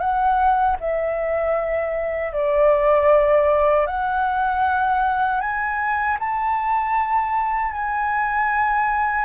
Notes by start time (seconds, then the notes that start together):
0.00 F#5
0.80 E5
2.33 D5
3.87 F#5
5.41 G#5
6.20 A5
7.72 G#5